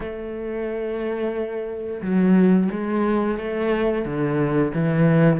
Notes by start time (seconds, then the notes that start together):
0.00 A3
2.01 F#3
2.71 G#3
3.37 A3
4.05 D3
4.73 E3